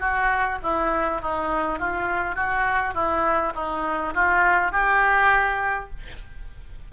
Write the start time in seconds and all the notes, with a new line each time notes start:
0.00 F#4
0.63 E4
1.21 D#4
1.79 F4
2.36 F#4
2.95 E4
3.55 D#4
4.14 F4
4.72 G4